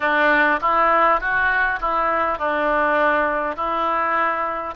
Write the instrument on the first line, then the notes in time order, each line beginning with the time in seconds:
oboe
0.00 D4
0.61 E4
1.20 F#4
1.80 E4
2.38 D4
3.56 E4